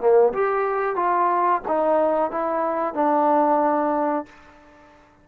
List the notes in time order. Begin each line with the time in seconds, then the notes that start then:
0.00 A#3
0.34 G4
0.96 F4
1.68 D#4
2.31 E4
2.94 D4